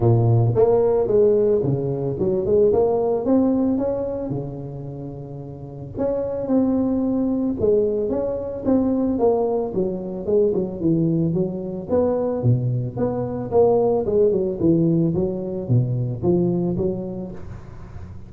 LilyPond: \new Staff \with { instrumentName = "tuba" } { \time 4/4 \tempo 4 = 111 ais,4 ais4 gis4 cis4 | fis8 gis8 ais4 c'4 cis'4 | cis2. cis'4 | c'2 gis4 cis'4 |
c'4 ais4 fis4 gis8 fis8 | e4 fis4 b4 b,4 | b4 ais4 gis8 fis8 e4 | fis4 b,4 f4 fis4 | }